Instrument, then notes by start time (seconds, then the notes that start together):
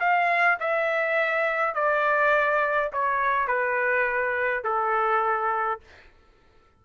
trumpet
0.00 F5
0.60 E5
1.75 D5
2.93 C#5
3.48 B4
4.64 A4